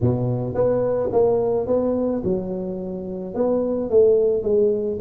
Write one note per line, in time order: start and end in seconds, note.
0.01 0.54 B2
0.54 1.10 B3
1.12 1.66 A#3
1.66 2.22 B3
2.23 3.34 F#3
3.34 3.89 B3
3.89 4.43 A3
4.43 4.98 G#3